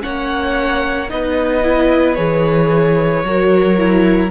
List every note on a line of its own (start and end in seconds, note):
0.00 1.11 A#3
0.00 1.07 C#4
0.00 1.10 C#5
0.00 1.09 F#5
1.09 2.18 B3
1.09 1.63 D#4
1.09 3.25 B4
1.09 2.14 D#5
1.63 2.16 E4
2.14 3.23 E3
2.14 3.23 G#4
2.14 4.29 C#5
3.23 4.30 F#3
3.23 3.78 F#4
3.23 4.30 A#4
3.78 4.30 E4